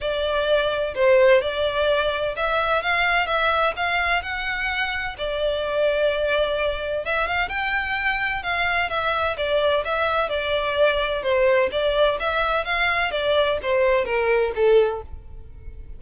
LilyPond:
\new Staff \with { instrumentName = "violin" } { \time 4/4 \tempo 4 = 128 d''2 c''4 d''4~ | d''4 e''4 f''4 e''4 | f''4 fis''2 d''4~ | d''2. e''8 f''8 |
g''2 f''4 e''4 | d''4 e''4 d''2 | c''4 d''4 e''4 f''4 | d''4 c''4 ais'4 a'4 | }